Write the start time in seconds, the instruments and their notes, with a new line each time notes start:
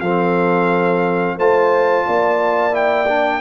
0.00 tuba F3, trombone C4, horn A4, trumpet F5
1.37 tuba A3, trombone F4, horn C5, trumpet A5
2.06 tuba A#3, horn D5
2.71 trombone E4, trumpet G5
3.08 trombone D4